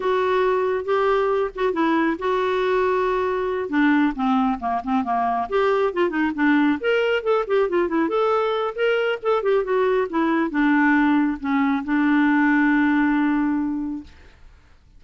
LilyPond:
\new Staff \with { instrumentName = "clarinet" } { \time 4/4 \tempo 4 = 137 fis'2 g'4. fis'8 | e'4 fis'2.~ | fis'8 d'4 c'4 ais8 c'8 ais8~ | ais8 g'4 f'8 dis'8 d'4 ais'8~ |
ais'8 a'8 g'8 f'8 e'8 a'4. | ais'4 a'8 g'8 fis'4 e'4 | d'2 cis'4 d'4~ | d'1 | }